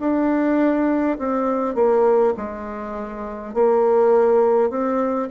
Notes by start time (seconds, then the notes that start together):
0.00 D4
1.19 C4
1.75 A#3
2.37 G#3
3.54 A#3
4.71 C4